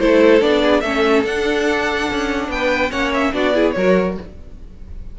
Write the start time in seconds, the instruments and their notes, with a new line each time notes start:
0.00 cello A3, viola E4, violin A4 C5
0.41 cello B3, viola D4, violin D5
0.63 violin G#4
0.81 cello A3, viola C#4, violin A4 E5
1.24 cello D4, viola D4, violin F#5
2.11 cello C#4
2.49 cello B3, violin B4 G5
2.91 cello A#3, viola C#4, violin C#5 F#5
3.14 violin E5
3.33 cello B3, viola D4, violin F#4 D5
3.54 viola E4, violin G#4
3.72 cello F#3, viola F#4, violin A#4 C#5